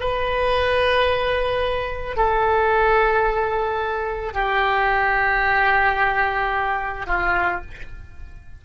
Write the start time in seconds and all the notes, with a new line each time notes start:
0.00 B4
2.16 A4
4.33 G4
7.06 F4